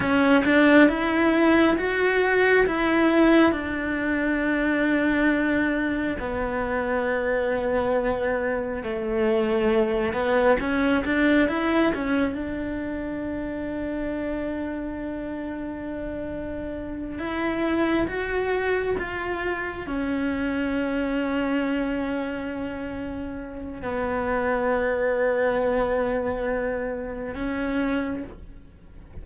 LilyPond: \new Staff \with { instrumentName = "cello" } { \time 4/4 \tempo 4 = 68 cis'8 d'8 e'4 fis'4 e'4 | d'2. b4~ | b2 a4. b8 | cis'8 d'8 e'8 cis'8 d'2~ |
d'2.~ d'8 e'8~ | e'8 fis'4 f'4 cis'4.~ | cis'2. b4~ | b2. cis'4 | }